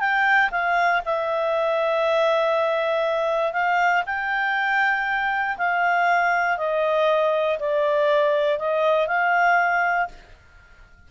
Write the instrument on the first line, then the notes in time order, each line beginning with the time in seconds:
clarinet
0.00 G5
0.52 F5
1.06 E5
3.53 F5
4.06 G5
5.58 F5
6.58 D#5
7.60 D5
8.59 D#5
9.07 F5